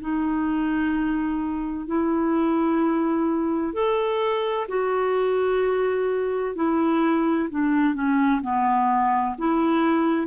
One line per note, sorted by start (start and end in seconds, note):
0.00 1.86 D#4
1.86 3.73 E4
3.73 4.67 A4
4.68 6.55 F#4
6.55 7.49 E4
7.50 7.94 D4
7.94 8.41 C#4
8.42 9.35 B3
9.38 10.27 E4